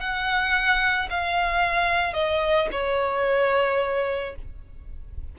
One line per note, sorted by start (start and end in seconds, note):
0.00 1.09 F#5
1.10 2.14 F5
2.14 2.68 D#5
2.72 4.35 C#5